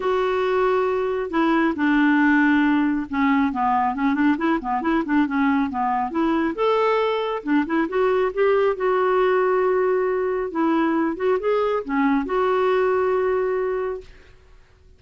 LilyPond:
\new Staff \with { instrumentName = "clarinet" } { \time 4/4 \tempo 4 = 137 fis'2. e'4 | d'2. cis'4 | b4 cis'8 d'8 e'8 b8 e'8 d'8 | cis'4 b4 e'4 a'4~ |
a'4 d'8 e'8 fis'4 g'4 | fis'1 | e'4. fis'8 gis'4 cis'4 | fis'1 | }